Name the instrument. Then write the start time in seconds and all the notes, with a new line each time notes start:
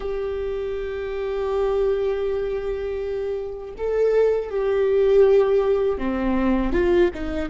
viola
0.00 G4
3.77 A4
4.50 G4
5.98 C4
6.73 F4
7.14 D#4